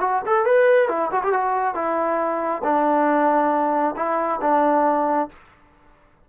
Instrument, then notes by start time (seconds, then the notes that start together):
trombone
0.00 F#4
0.26 A4
0.45 B4
0.88 E4
1.11 F#4
1.23 G4
1.33 F#4
1.74 E4
2.64 D4
3.96 E4
4.41 D4